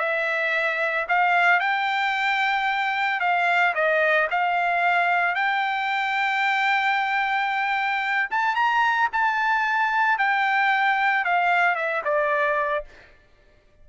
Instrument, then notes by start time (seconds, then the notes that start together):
trumpet
0.00 E5
1.09 F5
1.60 G5
3.21 F5
3.75 D#5
4.31 F5
5.35 G5
8.31 A5
8.56 A#5
9.13 A5
10.19 G5
11.25 F5
11.76 E5
12.05 D5